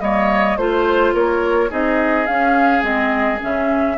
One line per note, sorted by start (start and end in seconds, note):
0.00 0.57 G3
0.00 0.58 A#3
0.00 0.58 C#5
0.00 0.56 D#5
0.56 1.13 A3
0.56 1.69 F4
0.56 1.13 C5
1.13 1.69 A#3
1.13 1.69 A#4
1.13 1.71 C#5
1.69 2.28 C4
1.69 2.26 D#4
1.69 3.96 G#4
1.69 2.26 D#5
2.26 2.82 C#4
2.26 2.81 C#4
2.26 2.83 F5
2.81 3.39 G#3
2.81 3.38 C4
2.81 3.40 D#5
3.40 3.98 C#3
3.40 3.97 C#4
3.40 3.98 E5